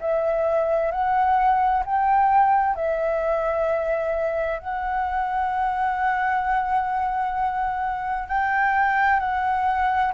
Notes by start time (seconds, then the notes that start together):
0.00 E5
0.91 F#5
1.85 G5
2.75 E5
4.59 F#5
8.28 G5
9.19 F#5